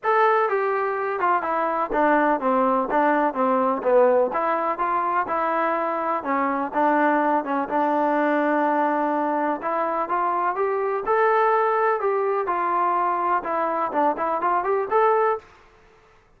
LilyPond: \new Staff \with { instrumentName = "trombone" } { \time 4/4 \tempo 4 = 125 a'4 g'4. f'8 e'4 | d'4 c'4 d'4 c'4 | b4 e'4 f'4 e'4~ | e'4 cis'4 d'4. cis'8 |
d'1 | e'4 f'4 g'4 a'4~ | a'4 g'4 f'2 | e'4 d'8 e'8 f'8 g'8 a'4 | }